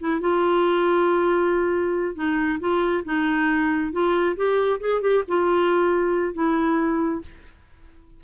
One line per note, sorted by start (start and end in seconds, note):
0.00 0.21 E4
0.21 2.15 F4
2.15 2.59 D#4
2.60 3.04 F4
3.05 3.92 D#4
3.92 4.36 F4
4.37 4.80 G4
4.80 5.02 G#4
5.02 5.24 G4
5.28 6.34 F4
6.34 7.22 E4